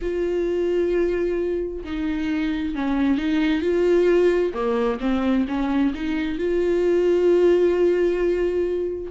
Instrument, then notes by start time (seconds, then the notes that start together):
viola
0.01 F4
1.84 D#4
2.75 C#4
3.17 D#4
3.61 F4
4.53 A#3
5.00 C4
5.48 C#4
5.94 D#4
6.38 F4